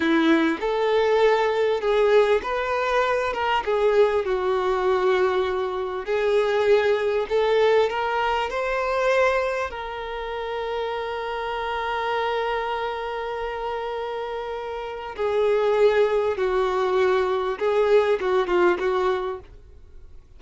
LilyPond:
\new Staff \with { instrumentName = "violin" } { \time 4/4 \tempo 4 = 99 e'4 a'2 gis'4 | b'4. ais'8 gis'4 fis'4~ | fis'2 gis'2 | a'4 ais'4 c''2 |
ais'1~ | ais'1~ | ais'4 gis'2 fis'4~ | fis'4 gis'4 fis'8 f'8 fis'4 | }